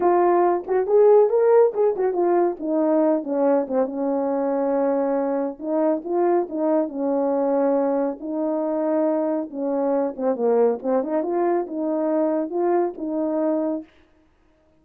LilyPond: \new Staff \with { instrumentName = "horn" } { \time 4/4 \tempo 4 = 139 f'4. fis'8 gis'4 ais'4 | gis'8 fis'8 f'4 dis'4. cis'8~ | cis'8 c'8 cis'2.~ | cis'4 dis'4 f'4 dis'4 |
cis'2. dis'4~ | dis'2 cis'4. c'8 | ais4 c'8 dis'8 f'4 dis'4~ | dis'4 f'4 dis'2 | }